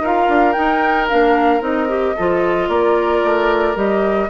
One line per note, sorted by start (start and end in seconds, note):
0.00 0.27 D#4
0.00 0.54 F4
0.00 2.16 A#4
0.00 0.52 F5
0.29 0.55 D4
0.52 1.08 D#4
0.52 1.10 D#4
0.52 1.06 G5
1.08 1.61 A#3
1.08 1.60 D4
1.08 1.62 F5
1.60 2.14 C4
1.60 1.87 D#4
1.60 2.69 D#5
1.88 2.15 G4
2.16 2.68 F3
2.16 3.75 F4
2.16 2.68 A4
2.68 3.22 A#3
2.68 4.29 A#4
2.68 3.76 D5
3.23 3.76 A3
3.75 4.29 G3
3.75 4.29 G4
3.75 4.30 D#5